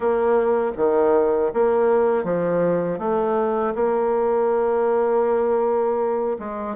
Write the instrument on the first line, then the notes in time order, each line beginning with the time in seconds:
bassoon
0.00 A#3
0.76 D#3
1.53 A#3
2.24 F3
2.98 A3
3.75 A#3
6.39 G#3